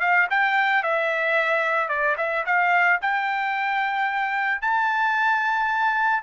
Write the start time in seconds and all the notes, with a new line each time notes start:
0.00 F5
0.30 G5
0.83 E5
1.88 D5
2.17 E5
2.45 F5
3.01 G5
4.61 A5